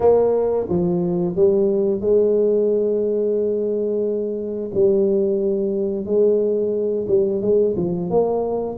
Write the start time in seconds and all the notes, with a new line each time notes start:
0.00 A#3
0.68 F3
1.35 G3
2.00 G#3
4.74 G3
6.05 G#3
7.08 G3
7.41 G#3
7.76 F3
8.10 A#3